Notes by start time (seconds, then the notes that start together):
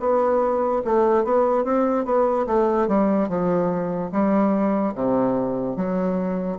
0.00 B3
0.85 A3
1.24 B3
1.64 C4
2.05 B3
2.47 A3
2.88 G3
3.29 F3
4.12 G3
4.95 C3
5.76 F#3